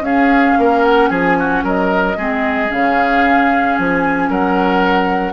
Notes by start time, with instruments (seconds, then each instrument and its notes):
0.00 bassoon C#4, clarinet C#4, oboe G#4, flute F5
0.58 bassoon A#3, oboe A#4
0.83 flute F#5
1.09 bassoon F3, oboe G#4, flute G#5
1.39 oboe F#4
1.63 bassoon F#3, oboe A#4, flute D#5
2.16 bassoon G#3, clarinet C4, oboe G#4
2.67 bassoon C#3, clarinet C#4, flute F5
3.76 bassoon F3, flute G#5
4.29 bassoon F#3, oboe A#4, flute F#5